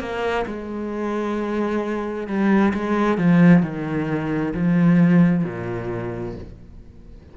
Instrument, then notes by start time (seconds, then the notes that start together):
cello
0.00 A#3
0.46 G#3
2.27 G3
2.74 G#3
3.18 F3
3.62 D#3
4.54 F3
5.44 A#2